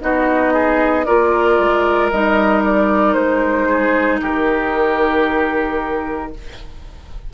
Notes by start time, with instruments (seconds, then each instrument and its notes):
0.00 bassoon B3, clarinet D#4, oboe F#4, flute D#5
0.53 oboe G#4
1.05 bassoon A#3, clarinet F4, oboe A#4, flute D5
1.59 bassoon G#3
2.10 bassoon G3, clarinet D#4, flute D#5
2.63 flute D5
3.13 bassoon G#3, flute C5
3.68 oboe G#4
4.21 bassoon D#3, oboe G4, flute A#4